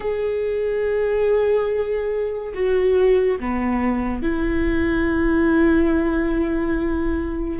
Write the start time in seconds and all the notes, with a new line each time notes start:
0.00 G#4
2.54 F#4
3.39 B3
4.22 E4